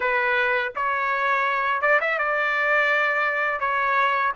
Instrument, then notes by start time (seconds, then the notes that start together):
trumpet
0.00 B4
0.75 C#5
1.81 D5
2.00 E5
2.18 D5
3.59 C#5